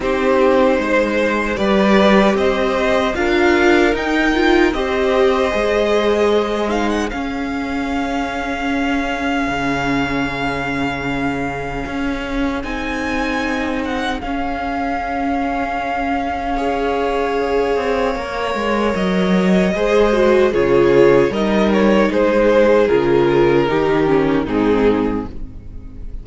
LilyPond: <<
  \new Staff \with { instrumentName = "violin" } { \time 4/4 \tempo 4 = 76 c''2 d''4 dis''4 | f''4 g''4 dis''2~ | dis''8 f''16 fis''16 f''2.~ | f''1 |
gis''4. fis''8 f''2~ | f''1 | dis''2 cis''4 dis''8 cis''8 | c''4 ais'2 gis'4 | }
  \new Staff \with { instrumentName = "violin" } { \time 4/4 g'4 c''4 b'4 c''4 | ais'2 c''2~ | c''4 gis'2.~ | gis'1~ |
gis'1~ | gis'4 cis''2.~ | cis''4 c''4 gis'4 ais'4 | gis'2 g'4 dis'4 | }
  \new Staff \with { instrumentName = "viola" } { \time 4/4 dis'2 g'2 | f'4 dis'8 f'8 g'4 gis'4~ | gis'8 dis'8 cis'2.~ | cis'1 |
dis'2 cis'2~ | cis'4 gis'2 ais'4~ | ais'4 gis'8 fis'8 f'4 dis'4~ | dis'4 f'4 dis'8 cis'8 c'4 | }
  \new Staff \with { instrumentName = "cello" } { \time 4/4 c'4 gis4 g4 c'4 | d'4 dis'4 c'4 gis4~ | gis4 cis'2. | cis2. cis'4 |
c'2 cis'2~ | cis'2~ cis'8 c'8 ais8 gis8 | fis4 gis4 cis4 g4 | gis4 cis4 dis4 gis,4 | }
>>